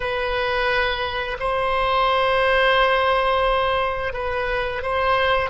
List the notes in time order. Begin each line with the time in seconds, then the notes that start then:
0.00 B4
1.39 C5
4.13 B4
4.82 C5